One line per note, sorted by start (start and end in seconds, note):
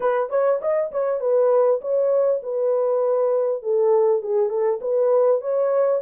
0.00 0.29 B4
0.29 0.59 C#5
0.61 0.91 D#5
0.91 1.20 C#5
1.20 1.80 B4
1.81 2.41 C#5
2.42 3.62 B4
3.62 4.22 A4
4.22 4.49 G#4
4.49 4.79 A4
4.81 5.41 B4
5.41 6.01 C#5